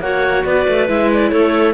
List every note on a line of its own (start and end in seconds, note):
0.00 0.43 A#3
0.00 0.88 F#4
0.00 0.46 C#5
0.00 0.44 F#5
0.44 0.67 B3
0.44 1.32 B4
0.44 0.88 D5
0.68 0.89 A3
0.88 1.32 G#3
0.88 1.74 E4
0.88 1.11 E5
1.14 1.30 D5
1.30 1.74 A3
1.30 1.74 A4
1.30 1.73 C#5